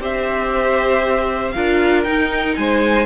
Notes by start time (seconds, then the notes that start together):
0.00 C4 G4 C5 E5
1.52 D4 F4 A#4 F5
2.04 D#4 G5
2.56 G#3 C5 G#5